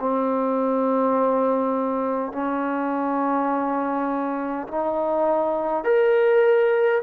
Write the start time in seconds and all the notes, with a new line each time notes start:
0.00 C4
2.32 C#4
4.68 D#4
5.84 A#4